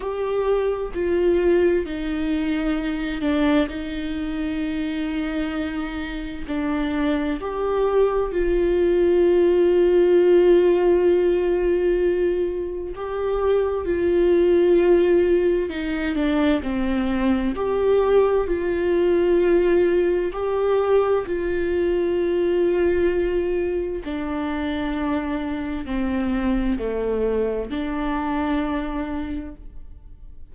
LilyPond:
\new Staff \with { instrumentName = "viola" } { \time 4/4 \tempo 4 = 65 g'4 f'4 dis'4. d'8 | dis'2. d'4 | g'4 f'2.~ | f'2 g'4 f'4~ |
f'4 dis'8 d'8 c'4 g'4 | f'2 g'4 f'4~ | f'2 d'2 | c'4 a4 d'2 | }